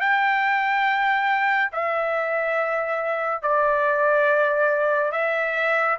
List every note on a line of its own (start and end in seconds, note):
0.00 1.71 G5
1.72 3.42 E5
3.42 5.12 D5
5.12 5.97 E5